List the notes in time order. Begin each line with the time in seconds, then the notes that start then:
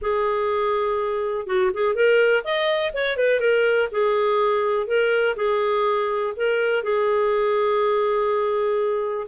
0.01 G#4
1.46 F#4
1.73 G#4
1.94 A#4
2.44 D#5
2.93 C#5
3.16 B4
3.39 A#4
3.91 G#4
4.86 A#4
5.36 G#4
6.36 A#4
6.83 G#4